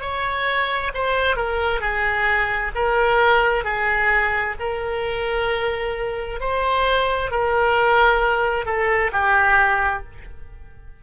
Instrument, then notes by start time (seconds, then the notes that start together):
oboe
0.00 C#5
0.94 C5
1.36 A#4
1.80 G#4
2.74 A#4
3.64 G#4
4.59 A#4
6.40 C5
7.31 A#4
8.65 A4
9.12 G4